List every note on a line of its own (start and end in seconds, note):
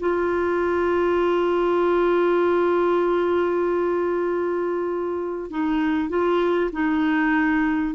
0.00 5.50 F4
5.50 6.09 D#4
6.09 6.70 F4
6.72 7.95 D#4